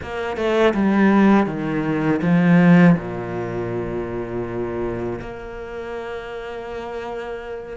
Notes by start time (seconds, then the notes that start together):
0.02 A#3
0.36 A3
0.74 G3
1.46 D#3
2.22 F3
2.97 A#2
5.21 A#3